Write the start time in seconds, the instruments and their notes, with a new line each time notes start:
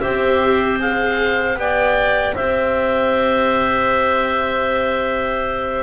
0.00 double bass C4, viola G4, clarinet C5, oboe E5
0.79 viola G#4, oboe F5
1.56 double bass B3, viola G4, clarinet D5, oboe G5
2.35 double bass C4, clarinet C5, oboe E5